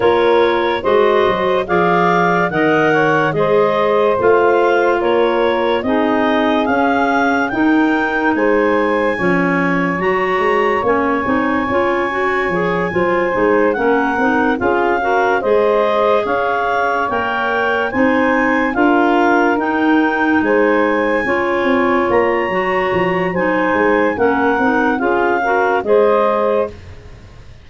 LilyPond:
<<
  \new Staff \with { instrumentName = "clarinet" } { \time 4/4 \tempo 4 = 72 cis''4 dis''4 f''4 fis''4 | dis''4 f''4 cis''4 dis''4 | f''4 g''4 gis''2 | ais''4 gis''2.~ |
gis''8 fis''4 f''4 dis''4 f''8~ | f''8 g''4 gis''4 f''4 g''8~ | g''8 gis''2 ais''4. | gis''4 fis''4 f''4 dis''4 | }
  \new Staff \with { instrumentName = "saxophone" } { \time 4/4 ais'4 c''4 d''4 dis''8 cis''8 | c''2 ais'4 gis'4~ | gis'4 ais'4 c''4 cis''4~ | cis''2.~ cis''8 c''8~ |
c''8 ais'4 gis'8 ais'8 c''4 cis''8~ | cis''4. c''4 ais'4.~ | ais'8 c''4 cis''2~ cis''8 | c''4 ais'4 gis'8 ais'8 c''4 | }
  \new Staff \with { instrumentName = "clarinet" } { \time 4/4 f'4 fis'4 gis'4 ais'4 | gis'4 f'2 dis'4 | cis'4 dis'2 cis'4 | fis'4 cis'8 dis'8 f'8 fis'8 gis'8 f'8 |
dis'8 cis'8 dis'8 f'8 fis'8 gis'4.~ | gis'8 ais'4 dis'4 f'4 dis'8~ | dis'4. f'4. fis'4 | dis'4 cis'8 dis'8 f'8 fis'8 gis'4 | }
  \new Staff \with { instrumentName = "tuba" } { \time 4/4 ais4 gis8 fis8 f4 dis4 | gis4 a4 ais4 c'4 | cis'4 dis'4 gis4 f4 | fis8 gis8 ais8 c'8 cis'4 f8 fis8 |
gis8 ais8 c'8 cis'4 gis4 cis'8~ | cis'8 ais4 c'4 d'4 dis'8~ | dis'8 gis4 cis'8 c'8 ais8 fis8 f8 | fis8 gis8 ais8 c'8 cis'4 gis4 | }
>>